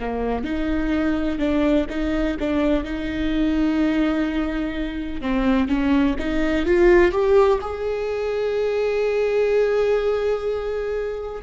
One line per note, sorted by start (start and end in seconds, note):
0.00 0.44 A#3
0.44 1.39 D#4
1.39 1.86 D4
1.89 2.37 D#4
2.39 2.84 D4
2.84 5.21 D#4
5.21 5.68 C4
5.68 6.16 C#4
6.19 6.65 D#4
6.65 7.12 F4
7.12 7.59 G4
7.61 11.42 G#4